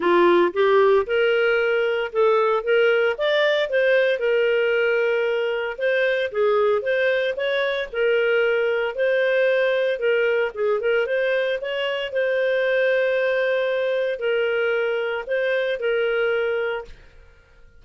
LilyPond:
\new Staff \with { instrumentName = "clarinet" } { \time 4/4 \tempo 4 = 114 f'4 g'4 ais'2 | a'4 ais'4 d''4 c''4 | ais'2. c''4 | gis'4 c''4 cis''4 ais'4~ |
ais'4 c''2 ais'4 | gis'8 ais'8 c''4 cis''4 c''4~ | c''2. ais'4~ | ais'4 c''4 ais'2 | }